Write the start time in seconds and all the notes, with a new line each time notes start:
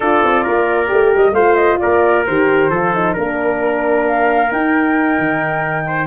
0.00 D4 F4 A4 D5
0.23 C4
0.43 A#3 A#4
0.87 A3 G4
1.14 G3 D#5
1.32 A3 F4 C5 F5
1.55 D#5
1.79 A#3 A#4 D5
2.25 D#3 G4 C5
2.70 F3 F4 A4
2.94 D#4
3.13 A#3 D4 A#4
4.06 F5
4.51 D#4 G5
5.18 D#3
5.86 C5